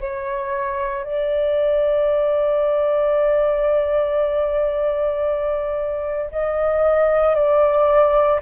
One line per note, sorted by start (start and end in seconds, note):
0.00 1.04 C#5
1.04 6.31 D5
6.32 7.35 D#5
7.35 8.40 D5